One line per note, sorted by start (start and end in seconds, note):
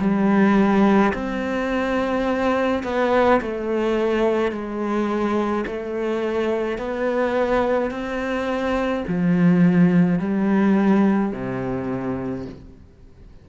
0.00 1.13 G3
1.14 2.84 C4
2.84 3.41 B3
3.42 4.52 A3
4.52 5.65 G#3
5.67 6.78 A3
6.78 7.91 B3
7.91 9.04 C4
9.08 10.19 F3
10.19 11.33 G3
11.33 12.46 C3